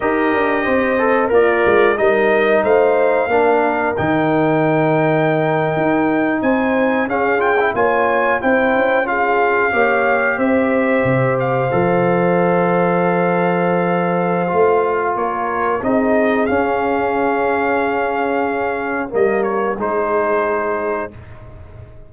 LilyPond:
<<
  \new Staff \with { instrumentName = "trumpet" } { \time 4/4 \tempo 4 = 91 dis''2 d''4 dis''4 | f''2 g''2~ | g''4.~ g''16 gis''4 f''8 g''8 gis''16~ | gis''8. g''4 f''2 e''16~ |
e''4~ e''16 f''2~ f''8.~ | f''2. cis''4 | dis''4 f''2.~ | f''4 dis''8 cis''8 c''2 | }
  \new Staff \with { instrumentName = "horn" } { \time 4/4 ais'4 c''4 f'4 ais'4 | c''4 ais'2.~ | ais'4.~ ais'16 c''4 gis'4 cis''16~ | cis''8. c''4 gis'4 cis''4 c''16~ |
c''1~ | c''2. ais'4 | gis'1~ | gis'4 ais'4 gis'2 | }
  \new Staff \with { instrumentName = "trombone" } { \time 4/4 g'4. a'8 ais'4 dis'4~ | dis'4 d'4 dis'2~ | dis'2~ dis'8. cis'8 f'16 e'16 f'16~ | f'8. e'4 f'4 g'4~ g'16~ |
g'4.~ g'16 a'2~ a'16~ | a'2 f'2 | dis'4 cis'2.~ | cis'4 ais4 dis'2 | }
  \new Staff \with { instrumentName = "tuba" } { \time 4/4 dis'8 d'8 c'4 ais8 gis8 g4 | a4 ais4 dis2~ | dis8. dis'4 c'4 cis'4 ais16~ | ais8. c'8 cis'4. ais4 c'16~ |
c'8. c4 f2~ f16~ | f2 a4 ais4 | c'4 cis'2.~ | cis'4 g4 gis2 | }
>>